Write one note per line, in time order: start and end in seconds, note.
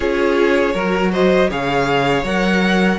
0.00 0.74 C#4
0.00 0.73 F4
0.00 0.73 G#4
0.00 1.10 C#5
0.73 1.49 F#3
0.73 1.50 F#4
0.73 1.11 A#4
1.12 1.49 C5
1.12 1.50 D#5
1.49 2.23 C#3
1.49 2.25 G#4
1.49 2.99 C#5
1.49 2.25 F5
2.23 2.98 F#3
2.23 2.99 A#4
2.23 2.99 F#5